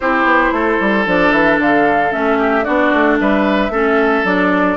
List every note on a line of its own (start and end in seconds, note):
0.00 0.24 C4
0.00 1.06 E4
0.00 0.54 G4
0.00 1.06 C5
0.24 0.50 B3
0.51 0.78 A3
0.51 2.38 A4
0.79 1.06 G3
1.06 1.32 F3
1.06 2.11 D4
1.06 1.31 D5
1.31 1.58 E3
1.31 1.58 E5
1.58 2.11 D3
1.58 2.12 F5
2.11 2.66 A3
2.11 2.64 C#4
2.11 2.63 E5
2.38 2.64 G4
2.63 2.93 B3
2.63 3.70 D4
2.63 3.17 F#4
2.63 3.17 D5
2.93 3.19 A3
3.19 3.69 G3
3.19 3.72 B4
3.19 4.26 E5
3.69 4.22 A3
3.69 4.25 C#4
3.69 4.76 A4
4.24 4.76 F#3
4.24 4.76 D4
4.24 4.76 D5